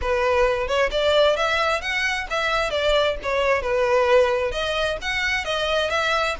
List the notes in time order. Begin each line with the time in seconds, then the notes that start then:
0.01 B4
0.67 C#5
0.91 D5
1.36 E5
1.81 F#5
2.30 E5
2.70 D5
3.23 C#5
3.62 B4
4.51 D#5
5.01 F#5
5.44 D#5
5.90 E5